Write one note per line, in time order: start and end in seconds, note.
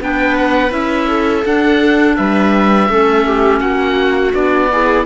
0.00 0.71 B3
0.00 0.69 D4
0.00 1.07 B4
0.00 0.37 G5
0.37 0.72 F#5
0.69 1.44 C#4
0.69 1.42 E4
0.69 1.44 E5
1.07 2.16 A4
1.45 2.89 D4
1.45 2.17 D4
1.45 2.16 F#5
2.16 2.89 G3
2.16 2.89 B4
2.16 3.60 E5
2.89 3.60 A3
2.89 4.32 C#4
2.89 3.27 A4
3.27 3.59 G4
3.59 4.33 A#3
3.59 4.68 F#4
3.59 4.32 F#5
4.32 5.05 B3
4.32 4.69 D4
4.32 5.05 D5
4.71 5.05 E4
4.71 5.05 G#4